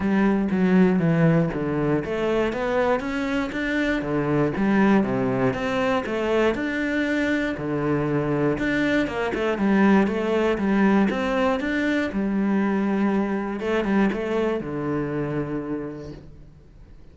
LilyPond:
\new Staff \with { instrumentName = "cello" } { \time 4/4 \tempo 4 = 119 g4 fis4 e4 d4 | a4 b4 cis'4 d'4 | d4 g4 c4 c'4 | a4 d'2 d4~ |
d4 d'4 ais8 a8 g4 | a4 g4 c'4 d'4 | g2. a8 g8 | a4 d2. | }